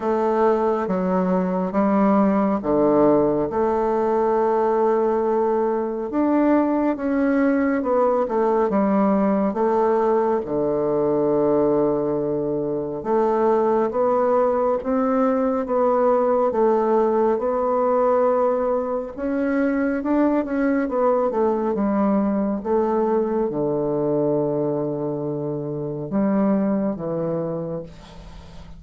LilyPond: \new Staff \with { instrumentName = "bassoon" } { \time 4/4 \tempo 4 = 69 a4 fis4 g4 d4 | a2. d'4 | cis'4 b8 a8 g4 a4 | d2. a4 |
b4 c'4 b4 a4 | b2 cis'4 d'8 cis'8 | b8 a8 g4 a4 d4~ | d2 g4 e4 | }